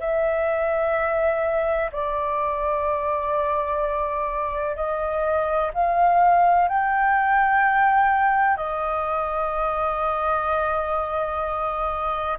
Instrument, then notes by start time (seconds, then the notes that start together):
flute
0.00 E5
1.92 D5
4.76 D#5
5.74 F5
6.68 G5
8.56 D#5